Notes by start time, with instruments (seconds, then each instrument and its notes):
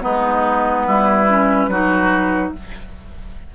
0.00 bassoon G#3, clarinet B3, oboe D#4, flute B4
0.86 bassoon G3, oboe E4
1.29 clarinet C#4
1.68 bassoon F#3, clarinet D#4, oboe F#4